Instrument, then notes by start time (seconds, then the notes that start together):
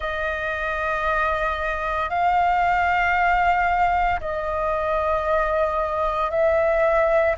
flute
0.00 D#5
2.09 F5
4.20 D#5
6.30 E5